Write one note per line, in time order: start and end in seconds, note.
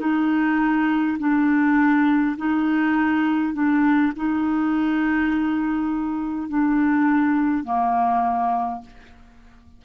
0.00 1.18 D#4
1.18 2.36 D4
2.37 3.53 D#4
3.53 4.12 D4
4.16 6.49 D#4
6.49 7.64 D4
7.64 8.81 A#3